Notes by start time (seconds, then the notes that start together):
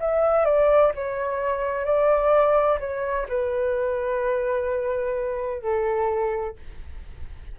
0.00 E5
0.45 D5
0.95 C#5
1.85 D5
2.80 C#5
3.29 B4
5.62 A4